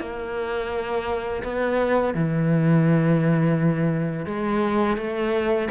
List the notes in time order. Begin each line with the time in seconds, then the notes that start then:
0.00 A#3
1.44 B3
2.14 E3
4.26 G#3
4.97 A3